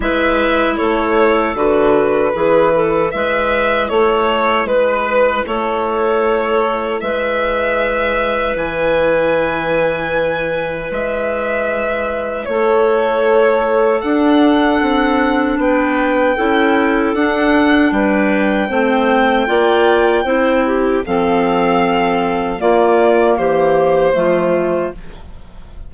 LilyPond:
<<
  \new Staff \with { instrumentName = "violin" } { \time 4/4 \tempo 4 = 77 e''4 cis''4 b'2 | e''4 cis''4 b'4 cis''4~ | cis''4 e''2 gis''4~ | gis''2 e''2 |
cis''2 fis''2 | g''2 fis''4 g''4~ | g''2. f''4~ | f''4 d''4 c''2 | }
  \new Staff \with { instrumentName = "clarinet" } { \time 4/4 b'4 a'2 gis'8 a'8 | b'4 a'4 b'4 a'4~ | a'4 b'2.~ | b'1 |
a'1 | b'4 a'2 b'4 | c''4 d''4 c''8 g'8 a'4~ | a'4 f'4 g'4 f'4 | }
  \new Staff \with { instrumentName = "clarinet" } { \time 4/4 e'2 fis'4 e'4~ | e'1~ | e'1~ | e'1~ |
e'2 d'2~ | d'4 e'4 d'2 | c'4 f'4 e'4 c'4~ | c'4 ais2 a4 | }
  \new Staff \with { instrumentName = "bassoon" } { \time 4/4 gis4 a4 d4 e4 | gis4 a4 gis4 a4~ | a4 gis2 e4~ | e2 gis2 |
a2 d'4 c'4 | b4 cis'4 d'4 g4 | a4 ais4 c'4 f4~ | f4 ais4 e4 f4 | }
>>